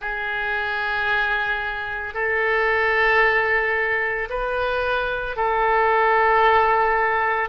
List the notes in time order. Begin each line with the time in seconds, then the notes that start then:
0.01 G#4
2.14 A4
4.29 B4
5.36 A4